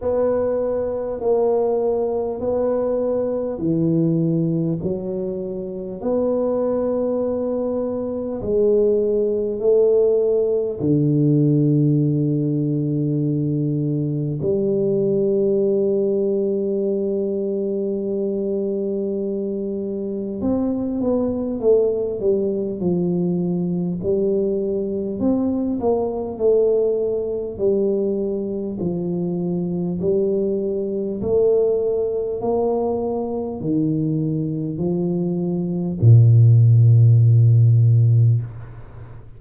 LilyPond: \new Staff \with { instrumentName = "tuba" } { \time 4/4 \tempo 4 = 50 b4 ais4 b4 e4 | fis4 b2 gis4 | a4 d2. | g1~ |
g4 c'8 b8 a8 g8 f4 | g4 c'8 ais8 a4 g4 | f4 g4 a4 ais4 | dis4 f4 ais,2 | }